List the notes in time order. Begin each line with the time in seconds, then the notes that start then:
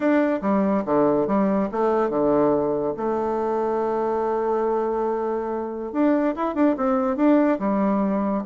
0.00 D4
0.41 G3
0.85 D3
1.27 G3
1.71 A3
2.09 D3
2.96 A3
5.92 D4
6.35 E4
6.54 D4
6.76 C4
7.16 D4
7.59 G3